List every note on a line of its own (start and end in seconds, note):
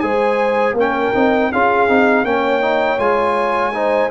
0.00 0.73 G#3
0.00 0.77 G#4
0.00 0.76 C5
0.00 0.74 G#5
0.73 1.10 A#3
0.73 1.15 C#4
0.73 1.51 A#4
0.79 1.52 G5
1.15 1.52 C4
1.15 1.52 D#4
1.52 1.89 C#4
1.52 1.89 F4
1.52 2.26 G#4
1.52 2.25 F5
1.89 2.24 C4
1.89 2.25 D#4
2.24 2.98 A#3
2.24 2.61 C#4
2.24 3.74 C#5
2.24 2.99 G5
2.61 2.98 D#4
2.98 4.09 G#3
2.98 3.73 F4
2.98 4.10 G#5
3.73 4.10 D#4
3.73 4.11 C5